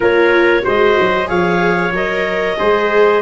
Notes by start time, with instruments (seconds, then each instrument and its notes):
0.00 tuba A#3, viola F4, trumpet A#4, clarinet C#5
0.62 tuba G#3, viola F#4, trumpet C5, clarinet D#5
1.00 tuba F#3
1.26 tuba F3, viola G#4, trumpet C#5, clarinet F5
1.91 tuba F#3, viola A#4, clarinet D#5
2.57 tuba G#3, viola G#4, trumpet C5